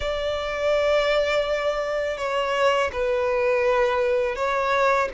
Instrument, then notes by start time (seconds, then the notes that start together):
violin
0.00 D5
2.17 C#5
2.92 B4
4.35 C#5